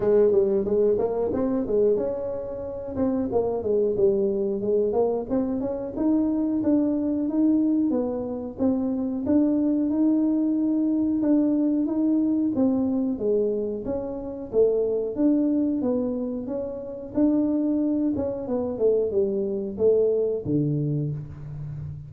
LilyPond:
\new Staff \with { instrumentName = "tuba" } { \time 4/4 \tempo 4 = 91 gis8 g8 gis8 ais8 c'8 gis8 cis'4~ | cis'8 c'8 ais8 gis8 g4 gis8 ais8 | c'8 cis'8 dis'4 d'4 dis'4 | b4 c'4 d'4 dis'4~ |
dis'4 d'4 dis'4 c'4 | gis4 cis'4 a4 d'4 | b4 cis'4 d'4. cis'8 | b8 a8 g4 a4 d4 | }